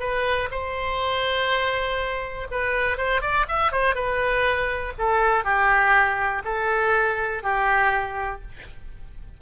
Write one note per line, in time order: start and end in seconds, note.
0.00 0.49 B4
0.51 2.48 C5
2.51 2.98 B4
2.98 3.21 C5
3.21 3.46 D5
3.48 3.72 E5
3.72 3.95 C5
3.95 4.93 B4
4.98 5.44 A4
5.44 6.42 G4
6.45 7.43 A4
7.43 8.42 G4